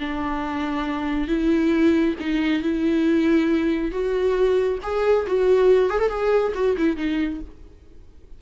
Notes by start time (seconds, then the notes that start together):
0.00 D4
1.28 E4
2.20 D#4
2.62 E4
3.92 F#4
4.83 G#4
5.27 F#4
5.90 G#4
5.99 A4
6.09 G#4
6.55 F#4
6.77 E4
6.97 D#4